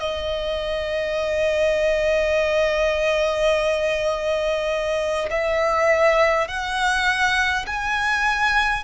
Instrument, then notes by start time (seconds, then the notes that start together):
violin
0.00 D#5
5.30 E5
6.48 F#5
7.66 G#5